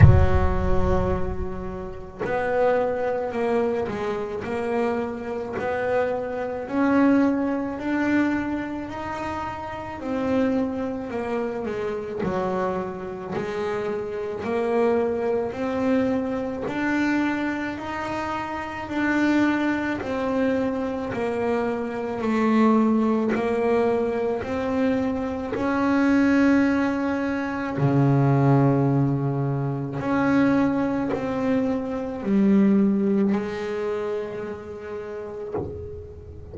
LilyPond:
\new Staff \with { instrumentName = "double bass" } { \time 4/4 \tempo 4 = 54 fis2 b4 ais8 gis8 | ais4 b4 cis'4 d'4 | dis'4 c'4 ais8 gis8 fis4 | gis4 ais4 c'4 d'4 |
dis'4 d'4 c'4 ais4 | a4 ais4 c'4 cis'4~ | cis'4 cis2 cis'4 | c'4 g4 gis2 | }